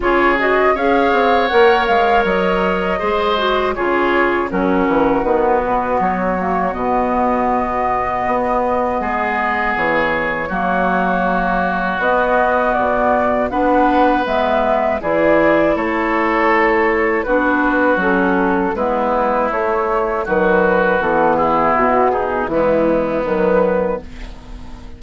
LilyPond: <<
  \new Staff \with { instrumentName = "flute" } { \time 4/4 \tempo 4 = 80 cis''8 dis''8 f''4 fis''8 f''8 dis''4~ | dis''4 cis''4 ais'4 b'4 | cis''4 dis''2.~ | dis''4 cis''2. |
dis''4 d''4 fis''4 e''4 | d''4 cis''2 b'4 | a'4 b'4 cis''4 b'4 | a'8 gis'8 fis'8 gis'8 e'4 b'4 | }
  \new Staff \with { instrumentName = "oboe" } { \time 4/4 gis'4 cis''2. | c''4 gis'4 fis'2~ | fis'1 | gis'2 fis'2~ |
fis'2 b'2 | gis'4 a'2 fis'4~ | fis'4 e'2 fis'4~ | fis'8 e'4 dis'8 b2 | }
  \new Staff \with { instrumentName = "clarinet" } { \time 4/4 f'8 fis'8 gis'4 ais'2 | gis'8 fis'8 f'4 cis'4 b4~ | b8 ais8 b2.~ | b2 ais2 |
b2 d'4 b4 | e'2. d'4 | cis'4 b4 a4 fis4 | b2 gis4 fis4 | }
  \new Staff \with { instrumentName = "bassoon" } { \time 4/4 cis4 cis'8 c'8 ais8 gis8 fis4 | gis4 cis4 fis8 e8 dis8 b,8 | fis4 b,2 b4 | gis4 e4 fis2 |
b4 b,4 b4 gis4 | e4 a2 b4 | fis4 gis4 a4 dis4 | e4 b,4 e4 dis4 | }
>>